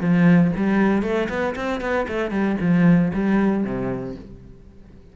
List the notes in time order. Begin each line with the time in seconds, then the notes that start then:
0.00 F3
0.55 G3
1.02 A3
1.29 B3
1.55 C4
1.80 B3
2.07 A3
2.30 G3
2.60 F3
3.13 G3
3.64 C3